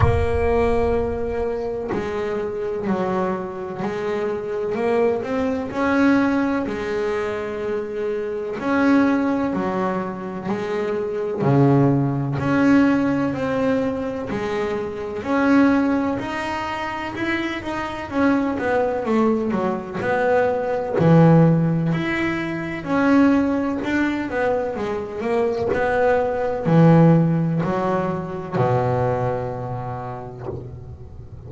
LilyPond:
\new Staff \with { instrumentName = "double bass" } { \time 4/4 \tempo 4 = 63 ais2 gis4 fis4 | gis4 ais8 c'8 cis'4 gis4~ | gis4 cis'4 fis4 gis4 | cis4 cis'4 c'4 gis4 |
cis'4 dis'4 e'8 dis'8 cis'8 b8 | a8 fis8 b4 e4 e'4 | cis'4 d'8 b8 gis8 ais8 b4 | e4 fis4 b,2 | }